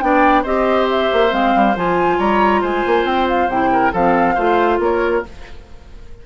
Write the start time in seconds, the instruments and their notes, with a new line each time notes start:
0.00 bassoon B3, clarinet D4, oboe D5, flute G5
0.43 bassoon C4, clarinet G4, oboe C5, flute D#5
0.89 flute E5
1.12 bassoon A#3
1.30 bassoon G#3, clarinet C4, flute F5
1.55 bassoon G3
1.76 bassoon F3, clarinet F4, flute G#5
2.18 bassoon G3, oboe C#5, flute A#5
2.61 bassoon G#3, oboe C5, flute G#5
2.86 bassoon A#3
3.04 bassoon C4, flute G5
3.28 flute F5
3.48 bassoon C3, clarinet E4, flute G5
3.72 oboe A#4
3.92 bassoon F3, clarinet C4, oboe A4, flute F5
4.34 bassoon A3, clarinet F4, oboe C5
4.79 bassoon A#3, oboe A#4, flute C#5